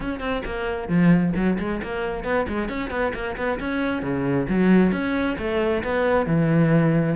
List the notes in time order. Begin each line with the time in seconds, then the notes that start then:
0.00 C#4
0.20 C4
0.45 A#3
0.88 F3
1.35 F#3
1.58 G#3
1.82 A#3
2.24 B3
2.48 G#3
2.69 C#4
2.90 B3
3.13 A#3
3.36 B3
3.59 C#4
4.02 C#3
4.49 F#3
4.92 C#4
5.38 A3
5.83 B3
6.26 E3